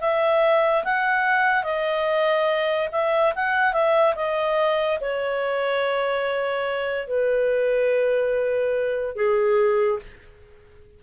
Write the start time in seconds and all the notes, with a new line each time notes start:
0.00 E5
0.84 F#5
1.63 D#5
2.91 E5
3.35 F#5
3.72 E5
4.15 D#5
5.00 C#5
7.07 B4
9.16 G#4